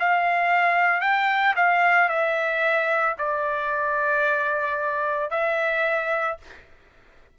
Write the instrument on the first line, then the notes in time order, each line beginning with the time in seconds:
trumpet
0.00 F5
1.01 G5
1.56 F5
2.09 E5
3.19 D5
5.31 E5